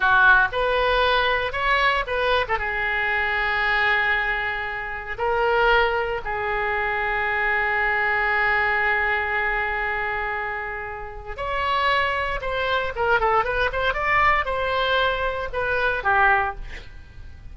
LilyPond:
\new Staff \with { instrumentName = "oboe" } { \time 4/4 \tempo 4 = 116 fis'4 b'2 cis''4 | b'8. a'16 gis'2.~ | gis'2 ais'2 | gis'1~ |
gis'1~ | gis'2 cis''2 | c''4 ais'8 a'8 b'8 c''8 d''4 | c''2 b'4 g'4 | }